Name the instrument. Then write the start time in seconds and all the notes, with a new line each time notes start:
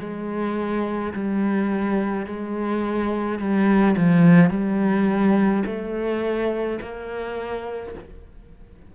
cello
0.00 G#3
1.14 G3
2.26 G#3
3.40 G3
3.97 F3
4.50 G3
5.66 A3
6.82 A#3